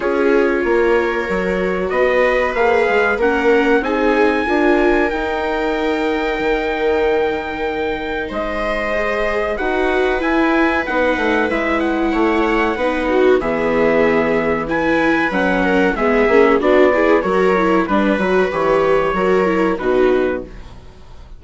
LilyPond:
<<
  \new Staff \with { instrumentName = "trumpet" } { \time 4/4 \tempo 4 = 94 cis''2. dis''4 | f''4 fis''4 gis''2 | g''1~ | g''4 dis''2 fis''4 |
gis''4 fis''4 e''8 fis''4.~ | fis''4 e''2 gis''4 | fis''4 e''4 d''4 cis''4 | b'4 cis''2 b'4 | }
  \new Staff \with { instrumentName = "viola" } { \time 4/4 gis'4 ais'2 b'4~ | b'4 ais'4 gis'4 ais'4~ | ais'1~ | ais'4 c''2 b'4~ |
b'2. cis''4 | b'8 fis'8 gis'2 b'4~ | b'8 ais'8 gis'4 fis'8 gis'8 ais'4 | b'2 ais'4 fis'4 | }
  \new Staff \with { instrumentName = "viola" } { \time 4/4 f'2 fis'2 | gis'4 cis'4 dis'4 f'4 | dis'1~ | dis'2 gis'4 fis'4 |
e'4 dis'4 e'2 | dis'4 b2 e'4 | cis'4 b8 cis'8 d'8 e'8 fis'8 e'8 | d'8 fis'8 g'4 fis'8 e'8 dis'4 | }
  \new Staff \with { instrumentName = "bassoon" } { \time 4/4 cis'4 ais4 fis4 b4 | ais8 gis8 ais4 c'4 d'4 | dis'2 dis2~ | dis4 gis2 dis'4 |
e'4 b8 a8 gis4 a4 | b4 e2. | fis4 gis8 ais8 b4 fis4 | g8 fis8 e4 fis4 b,4 | }
>>